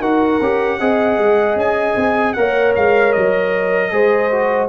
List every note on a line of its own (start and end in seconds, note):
0.00 0.39 D#4
0.00 0.41 F#4
0.00 0.78 A#4
0.00 1.58 F#5
0.41 0.80 C#4
0.41 0.80 G4
0.80 1.18 C4
0.80 2.36 G#4
0.80 2.36 D#5
1.18 1.56 G#3
1.56 1.95 C#4
1.56 2.33 G#5
1.96 2.35 C4
2.33 2.76 A#3
2.33 3.91 A#4
2.33 3.93 C#5
2.33 2.72 F#5
2.75 3.15 G#3
2.75 3.12 F5
3.12 3.92 F#3
3.12 4.68 D#5
3.91 4.69 G#3
3.91 4.30 G#4
3.91 4.69 C5
4.31 4.69 F#4